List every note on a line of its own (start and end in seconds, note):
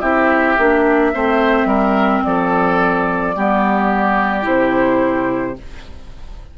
0.00 0.57 C4
0.00 0.57 E4
0.00 1.11 G4
0.00 2.22 E5
0.58 1.13 A#3
0.58 1.13 D4
1.13 1.65 A3
1.13 3.35 C4
1.13 1.68 C5
1.65 2.20 G3
1.65 2.23 A#4
2.23 3.36 F3
2.23 3.35 A4
2.23 4.45 D5
3.35 4.46 G3
3.35 4.42 B3
3.35 5.58 G4
4.42 5.57 C3
4.42 5.53 E4
4.42 5.57 C5